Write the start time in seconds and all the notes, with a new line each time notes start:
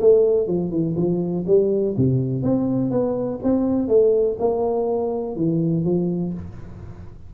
0.00 A3
0.47 F3
0.71 E3
0.96 F3
1.47 G3
1.97 C3
2.43 C4
2.91 B3
3.43 C4
3.88 A3
4.39 A#3
5.36 E3
5.84 F3